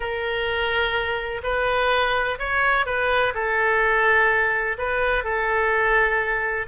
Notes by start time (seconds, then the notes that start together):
0.00 A#4
1.43 B4
2.38 C#5
2.85 B4
3.34 A4
4.77 B4
5.24 A4